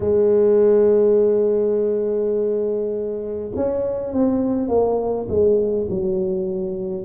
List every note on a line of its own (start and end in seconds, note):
0.00 3.51 G#3
3.55 4.12 C#4
4.12 4.68 C4
4.68 5.27 A#3
5.28 5.87 G#3
5.89 7.05 F#3